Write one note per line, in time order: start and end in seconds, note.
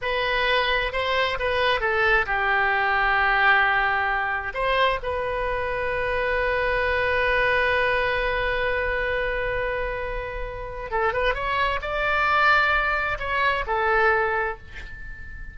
0.01 0.92 B4
0.92 1.37 C5
1.39 1.80 B4
1.80 2.25 A4
2.26 4.53 G4
4.53 4.99 C5
5.02 10.90 B4
10.90 11.13 A4
11.13 11.34 B4
11.34 11.80 C#5
11.81 13.18 D5
13.19 13.64 C#5
13.67 14.57 A4